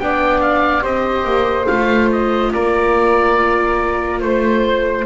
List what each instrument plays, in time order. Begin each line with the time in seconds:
0.00 double bass B3, viola D4, flute D5, oboe G5
0.41 oboe F5
0.82 double bass C4, viola G4, flute C5, oboe D#5
1.25 double bass A#3
1.66 double bass A3, viola F4, oboe F5
2.12 oboe D#5
2.53 double bass A#3, flute A#4, oboe D5
4.20 double bass A3, oboe C5, flute C5